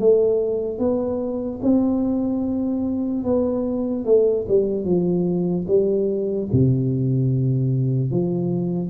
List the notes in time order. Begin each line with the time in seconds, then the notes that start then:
0.00 A3
0.79 B3
1.63 C4
3.24 B3
4.06 A3
4.49 G3
4.85 F3
5.68 G3
6.53 C3
8.12 F3